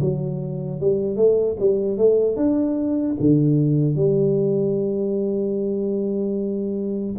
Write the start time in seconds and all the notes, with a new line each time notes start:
0.00 F#3
0.80 G3
1.16 A3
1.59 G3
1.97 A3
2.36 D4
3.20 D3
3.95 G3